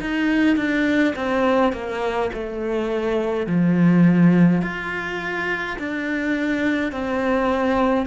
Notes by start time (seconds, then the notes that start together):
0.00 D#4
0.56 D4
1.15 C4
1.73 A#3
2.33 A3
3.46 F3
4.62 F4
5.78 D4
6.91 C4